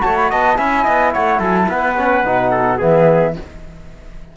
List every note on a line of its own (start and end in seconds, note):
0.00 0.33 A3
0.00 0.56 F#4
0.00 0.30 C#5
0.00 0.16 A5
0.16 0.30 B5
0.30 0.59 B3
0.30 0.58 D#5
0.30 0.57 A5
0.57 0.87 C#4
0.57 1.96 E4
0.57 0.85 E5
0.57 1.12 G#5
0.85 1.16 B3
0.85 1.12 D#5
1.13 1.40 A3
1.13 1.40 C#5
1.13 1.41 F#5
1.40 1.68 F#3
1.40 1.67 A4
1.40 1.56 G#5
1.56 1.70 A5
1.69 2.25 B3
1.69 2.51 B4
1.69 2.81 F#5
1.97 2.25 C#4
2.25 2.81 B2
2.25 2.78 D#4
2.51 2.78 A4
2.78 3.37 E3
2.78 3.34 B3
2.78 3.34 G#4
2.78 3.37 E5